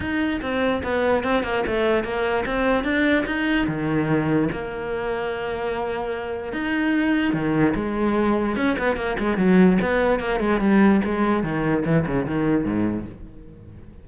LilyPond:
\new Staff \with { instrumentName = "cello" } { \time 4/4 \tempo 4 = 147 dis'4 c'4 b4 c'8 ais8 | a4 ais4 c'4 d'4 | dis'4 dis2 ais4~ | ais1 |
dis'2 dis4 gis4~ | gis4 cis'8 b8 ais8 gis8 fis4 | b4 ais8 gis8 g4 gis4 | dis4 e8 cis8 dis4 gis,4 | }